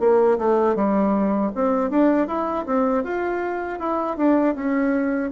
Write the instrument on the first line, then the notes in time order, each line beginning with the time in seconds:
bassoon
0.00 A#3
0.39 A3
0.76 G3
1.55 C4
1.91 D4
2.28 E4
2.66 C4
3.04 F4
3.80 E4
4.17 D4
4.55 C#4